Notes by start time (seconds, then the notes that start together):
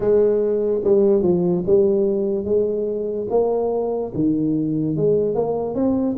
0.00 G#3
0.84 G3
1.22 F3
1.66 G3
2.44 G#3
3.30 A#3
4.14 D#3
4.96 G#3
5.35 A#3
5.74 C4